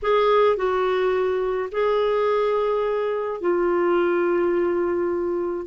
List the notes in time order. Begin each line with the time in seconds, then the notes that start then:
0.02 G#4
0.56 F#4
1.71 G#4
3.41 F4